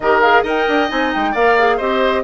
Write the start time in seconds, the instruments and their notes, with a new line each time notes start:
0.00 bassoon D#3, clarinet G4, oboe A#4, flute D#5
0.21 clarinet G#4, flute F5
0.42 bassoon D#4, clarinet A#4, oboe D#5, flute G5
0.68 bassoon D4
0.88 bassoon C4, clarinet D#4, flute G#5
1.13 bassoon G#3, flute G5
1.31 bassoon A#3, clarinet A#4, oboe D5, flute F5
1.58 clarinet G#4
1.76 bassoon C4, clarinet G4, oboe C5, flute D#5